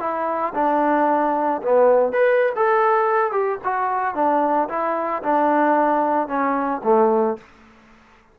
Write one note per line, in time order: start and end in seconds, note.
0.00 0.54 E4
0.55 1.62 D4
1.63 2.13 B3
2.13 2.53 B4
2.56 3.32 A4
3.32 3.59 G4
3.64 4.15 F#4
4.15 4.69 D4
4.69 5.23 E4
5.23 6.28 D4
6.28 6.82 C#4
6.84 7.38 A3